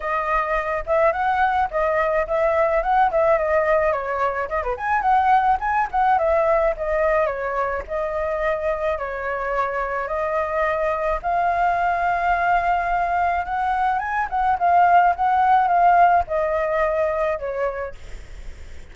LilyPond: \new Staff \with { instrumentName = "flute" } { \time 4/4 \tempo 4 = 107 dis''4. e''8 fis''4 dis''4 | e''4 fis''8 e''8 dis''4 cis''4 | dis''16 b'16 gis''8 fis''4 gis''8 fis''8 e''4 | dis''4 cis''4 dis''2 |
cis''2 dis''2 | f''1 | fis''4 gis''8 fis''8 f''4 fis''4 | f''4 dis''2 cis''4 | }